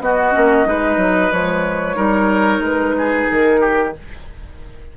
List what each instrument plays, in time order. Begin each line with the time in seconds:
0.00 bassoon B3, clarinet B3, oboe F#4, flute D#5
0.32 bassoon A#3, clarinet C#4
0.65 bassoon G#3, clarinet D#4, oboe B4
0.97 bassoon F#3
1.32 bassoon F3, clarinet G#3, flute C#5
1.96 bassoon G3, clarinet D#4, oboe A#4
2.60 bassoon G#3, flute B4
2.98 oboe G#4
3.30 bassoon D#3, flute A#4
3.60 oboe G4